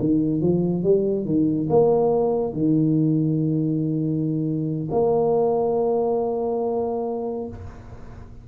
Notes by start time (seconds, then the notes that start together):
0.00 D#3
0.41 F3
0.84 G3
1.25 D#3
1.70 A#3
2.53 D#3
4.91 A#3